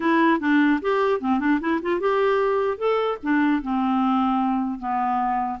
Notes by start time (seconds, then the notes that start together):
0.00 E4
0.39 D4
0.81 G4
1.20 C4
1.39 D4
1.60 E4
1.81 F4
2.00 G4
2.77 A4
3.23 D4
3.61 C4
4.79 B3